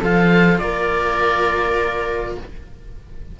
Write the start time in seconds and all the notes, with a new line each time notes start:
0.00 F3 F4 A4 F5
0.59 A#3 A#4 D5